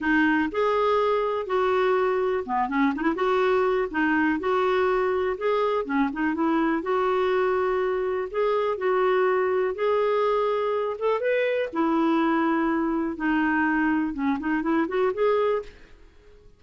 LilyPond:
\new Staff \with { instrumentName = "clarinet" } { \time 4/4 \tempo 4 = 123 dis'4 gis'2 fis'4~ | fis'4 b8 cis'8 dis'16 e'16 fis'4. | dis'4 fis'2 gis'4 | cis'8 dis'8 e'4 fis'2~ |
fis'4 gis'4 fis'2 | gis'2~ gis'8 a'8 b'4 | e'2. dis'4~ | dis'4 cis'8 dis'8 e'8 fis'8 gis'4 | }